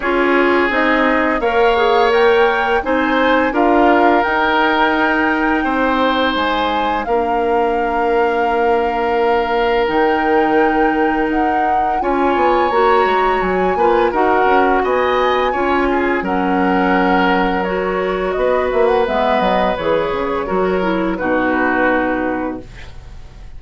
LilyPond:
<<
  \new Staff \with { instrumentName = "flute" } { \time 4/4 \tempo 4 = 85 cis''4 dis''4 f''4 g''4 | gis''4 f''4 g''2~ | g''4 gis''4 f''2~ | f''2 g''2 |
fis''4 gis''4 ais''4 gis''4 | fis''4 gis''2 fis''4~ | fis''4 cis''4 dis''8 e''16 fis''16 e''8 dis''8 | cis''2 b'2 | }
  \new Staff \with { instrumentName = "oboe" } { \time 4/4 gis'2 cis''2 | c''4 ais'2. | c''2 ais'2~ | ais'1~ |
ais'4 cis''2~ cis''8 b'8 | ais'4 dis''4 cis''8 gis'8 ais'4~ | ais'2 b'2~ | b'4 ais'4 fis'2 | }
  \new Staff \with { instrumentName = "clarinet" } { \time 4/4 f'4 dis'4 ais'8 gis'8 ais'4 | dis'4 f'4 dis'2~ | dis'2 d'2~ | d'2 dis'2~ |
dis'4 f'4 fis'4. f'8 | fis'2 f'4 cis'4~ | cis'4 fis'2 b4 | gis'4 fis'8 e'8 dis'2 | }
  \new Staff \with { instrumentName = "bassoon" } { \time 4/4 cis'4 c'4 ais2 | c'4 d'4 dis'2 | c'4 gis4 ais2~ | ais2 dis2 |
dis'4 cis'8 b8 ais8 gis8 fis8 ais8 | dis'8 cis'8 b4 cis'4 fis4~ | fis2 b8 ais8 gis8 fis8 | e8 cis8 fis4 b,2 | }
>>